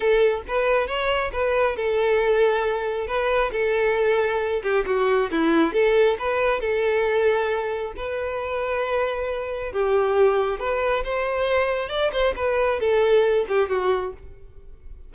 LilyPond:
\new Staff \with { instrumentName = "violin" } { \time 4/4 \tempo 4 = 136 a'4 b'4 cis''4 b'4 | a'2. b'4 | a'2~ a'8 g'8 fis'4 | e'4 a'4 b'4 a'4~ |
a'2 b'2~ | b'2 g'2 | b'4 c''2 d''8 c''8 | b'4 a'4. g'8 fis'4 | }